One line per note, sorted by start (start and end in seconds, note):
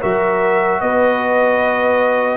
0.00 0.81 F#3
0.00 2.37 F#4
0.00 0.80 A#4
0.00 0.81 E5
0.81 2.37 B3
0.81 2.37 B4
0.81 2.37 D#5